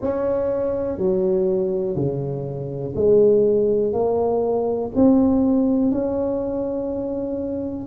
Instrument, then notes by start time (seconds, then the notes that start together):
tuba
0.01 C#4
0.97 F#3
1.95 C#3
2.95 G#3
3.92 A#3
4.95 C4
5.91 C#4